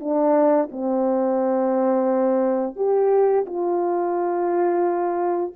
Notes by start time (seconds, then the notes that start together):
0.00 D4
0.71 C4
2.76 G4
3.46 F4